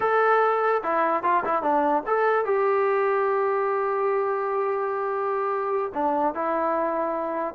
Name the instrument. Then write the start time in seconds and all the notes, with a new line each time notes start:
trombone
0.00 A4
0.82 E4
1.23 F4
1.45 E4
1.62 D4
2.06 A4
2.45 G4
5.94 D4
6.34 E4